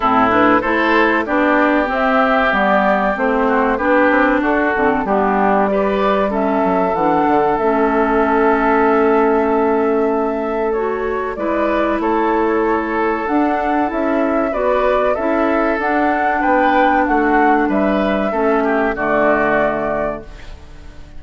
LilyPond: <<
  \new Staff \with { instrumentName = "flute" } { \time 4/4 \tempo 4 = 95 a'8 b'8 c''4 d''4 e''4 | d''4 c''4 b'4 a'4 | g'4 d''4 e''4 fis''4 | e''1~ |
e''4 cis''4 d''4 cis''4~ | cis''4 fis''4 e''4 d''4 | e''4 fis''4 g''4 fis''4 | e''2 d''2 | }
  \new Staff \with { instrumentName = "oboe" } { \time 4/4 e'4 a'4 g'2~ | g'4. fis'8 g'4 fis'4 | d'4 b'4 a'2~ | a'1~ |
a'2 b'4 a'4~ | a'2. b'4 | a'2 b'4 fis'4 | b'4 a'8 g'8 fis'2 | }
  \new Staff \with { instrumentName = "clarinet" } { \time 4/4 c'8 d'8 e'4 d'4 c'4 | b4 c'4 d'4. c'8 | b4 g'4 cis'4 d'4 | cis'1~ |
cis'4 fis'4 e'2~ | e'4 d'4 e'4 fis'4 | e'4 d'2.~ | d'4 cis'4 a2 | }
  \new Staff \with { instrumentName = "bassoon" } { \time 4/4 a,4 a4 b4 c'4 | g4 a4 b8 c'8 d'8 d8 | g2~ g8 fis8 e8 d8 | a1~ |
a2 gis4 a4~ | a4 d'4 cis'4 b4 | cis'4 d'4 b4 a4 | g4 a4 d2 | }
>>